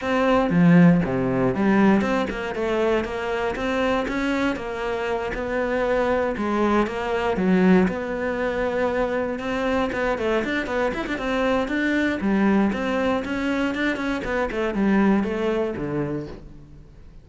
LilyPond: \new Staff \with { instrumentName = "cello" } { \time 4/4 \tempo 4 = 118 c'4 f4 c4 g4 | c'8 ais8 a4 ais4 c'4 | cis'4 ais4. b4.~ | b8 gis4 ais4 fis4 b8~ |
b2~ b8 c'4 b8 | a8 d'8 b8 e'16 d'16 c'4 d'4 | g4 c'4 cis'4 d'8 cis'8 | b8 a8 g4 a4 d4 | }